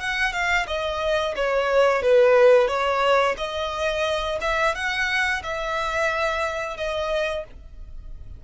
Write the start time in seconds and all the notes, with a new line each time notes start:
0.00 F#5
0.32 F5
0.67 D#5
1.36 C#5
2.02 B4
2.68 C#5
3.37 D#5
4.41 E5
4.75 F#5
5.43 E5
6.77 D#5